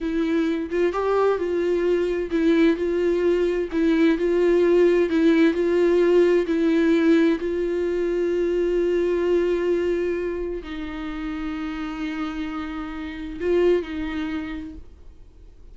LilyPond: \new Staff \with { instrumentName = "viola" } { \time 4/4 \tempo 4 = 130 e'4. f'8 g'4 f'4~ | f'4 e'4 f'2 | e'4 f'2 e'4 | f'2 e'2 |
f'1~ | f'2. dis'4~ | dis'1~ | dis'4 f'4 dis'2 | }